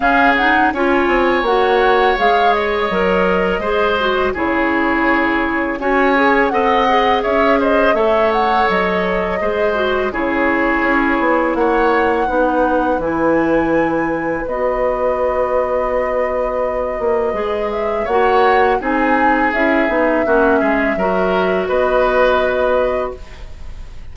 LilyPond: <<
  \new Staff \with { instrumentName = "flute" } { \time 4/4 \tempo 4 = 83 f''8 fis''8 gis''4 fis''4 f''8 dis''8~ | dis''2 cis''2 | gis''4 fis''4 e''8 dis''8 e''8 fis''8 | dis''2 cis''2 |
fis''2 gis''2 | dis''1~ | dis''8 e''8 fis''4 gis''4 e''4~ | e''2 dis''2 | }
  \new Staff \with { instrumentName = "oboe" } { \time 4/4 gis'4 cis''2.~ | cis''4 c''4 gis'2 | cis''4 dis''4 cis''8 c''8 cis''4~ | cis''4 c''4 gis'2 |
cis''4 b'2.~ | b'1~ | b'4 cis''4 gis'2 | fis'8 gis'8 ais'4 b'2 | }
  \new Staff \with { instrumentName = "clarinet" } { \time 4/4 cis'8 dis'8 f'4 fis'4 gis'4 | ais'4 gis'8 fis'8 e'2 | fis'8 gis'8 a'8 gis'4. a'4~ | a'4 gis'8 fis'8 e'2~ |
e'4 dis'4 e'2 | fis'1 | gis'4 fis'4 dis'4 e'8 dis'8 | cis'4 fis'2. | }
  \new Staff \with { instrumentName = "bassoon" } { \time 4/4 cis4 cis'8 c'8 ais4 gis4 | fis4 gis4 cis2 | cis'4 c'4 cis'4 a4 | fis4 gis4 cis4 cis'8 b8 |
ais4 b4 e2 | b2.~ b8 ais8 | gis4 ais4 c'4 cis'8 b8 | ais8 gis8 fis4 b2 | }
>>